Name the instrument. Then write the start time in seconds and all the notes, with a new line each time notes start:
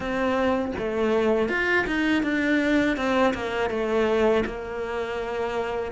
cello
0.00 C4
0.78 A3
1.48 F4
1.87 D#4
2.22 D4
2.96 C4
3.34 A#3
3.69 A3
4.45 A#3